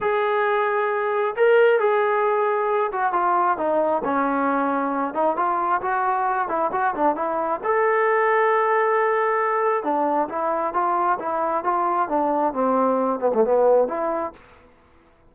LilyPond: \new Staff \with { instrumentName = "trombone" } { \time 4/4 \tempo 4 = 134 gis'2. ais'4 | gis'2~ gis'8 fis'8 f'4 | dis'4 cis'2~ cis'8 dis'8 | f'4 fis'4. e'8 fis'8 d'8 |
e'4 a'2.~ | a'2 d'4 e'4 | f'4 e'4 f'4 d'4 | c'4. b16 a16 b4 e'4 | }